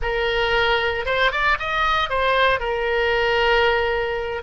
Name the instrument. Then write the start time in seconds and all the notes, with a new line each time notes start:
oboe
0.01 A#4
1.05 C5
1.31 D5
1.59 D#5
2.09 C5
2.59 A#4